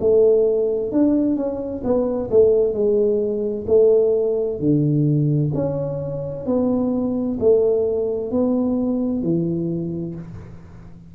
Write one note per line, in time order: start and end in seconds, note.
0.00 0.92 A3
0.92 1.36 D4
1.36 1.83 C#4
1.84 2.30 B3
2.31 2.73 A3
2.73 3.65 G#3
3.67 4.59 A3
4.59 5.52 D3
5.54 6.46 C#4
6.46 7.38 B3
7.40 8.31 A3
8.31 9.23 B3
9.23 10.15 E3